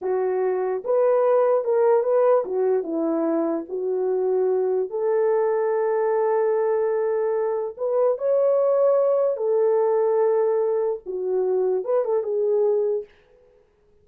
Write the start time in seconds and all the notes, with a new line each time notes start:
0.01 F#4
0.84 B4
1.64 A#4
2.03 B4
2.45 F#4
2.83 E4
3.68 F#4
4.90 A4
7.77 B4
8.18 C#5
9.36 A4
11.06 F#4
11.84 B4
12.04 A4
12.23 G#4